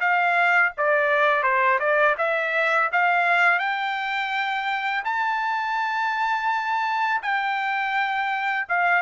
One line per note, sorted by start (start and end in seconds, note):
0.00 0.72 F5
0.77 1.43 D5
1.43 1.79 C5
1.79 2.15 D5
2.18 2.90 E5
2.92 3.59 F5
3.59 5.03 G5
5.04 7.21 A5
7.22 8.66 G5
8.68 9.02 F5